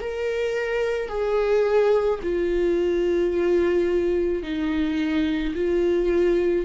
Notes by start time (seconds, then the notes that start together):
0.00 A#4
1.08 G#4
2.23 F4
4.43 D#4
5.55 F4